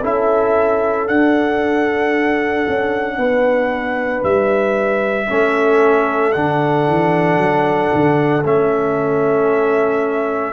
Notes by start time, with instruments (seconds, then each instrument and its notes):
0.00 tuba C#4, trombone E4, horn A4, trumpet E5
1.07 trombone D4, tuba D4, trumpet F#5
2.68 tuba C#4
3.17 tuba B3, horn B4
4.23 tuba G3, trumpet E5
5.27 tuba A3, trombone C#4, horn A4
6.32 tuba D3, trombone D4, trumpet F#5
6.88 tuba E3
7.37 tuba F#3
7.94 tuba D3
8.45 tuba A3, trombone C#4, trumpet E5